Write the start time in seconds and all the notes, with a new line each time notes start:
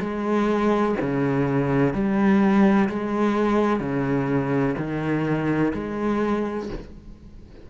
0.00 G#3
1.01 C#3
1.94 G3
2.89 G#3
3.80 C#3
4.77 D#3
5.74 G#3